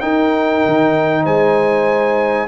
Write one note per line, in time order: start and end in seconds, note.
0.00 2.47 D#4
0.00 0.64 D#4
0.00 1.22 A#4
0.00 1.24 G5
0.66 1.25 D#3
1.22 2.47 G#3
1.22 2.46 C5
1.22 2.47 G#5